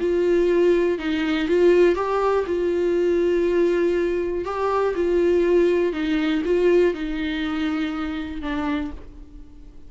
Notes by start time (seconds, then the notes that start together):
0.00 F4
0.98 D#4
1.48 F4
1.95 G4
2.47 F4
4.45 G4
4.95 F4
5.93 D#4
6.45 F4
6.94 D#4
8.42 D4